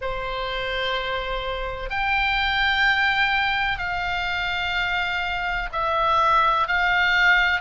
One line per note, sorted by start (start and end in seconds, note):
0.01 1.90 C5
1.90 3.78 G5
3.78 5.69 F5
5.72 6.67 E5
6.67 7.60 F5